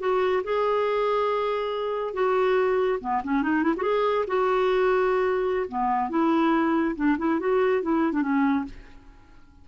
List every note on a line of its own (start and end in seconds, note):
0.00 0.43 F#4
0.44 2.14 G#4
2.14 2.99 F#4
3.01 3.22 B3
3.24 3.43 C#4
3.43 3.63 D#4
3.63 3.74 E4
3.77 3.83 F#4
3.77 4.25 G#4
4.28 5.67 F#4
5.68 6.10 B3
6.10 6.95 E4
6.96 7.17 D4
7.18 7.40 E4
7.40 7.83 F#4
7.83 8.13 E4
8.13 8.22 D4
8.22 8.65 C#4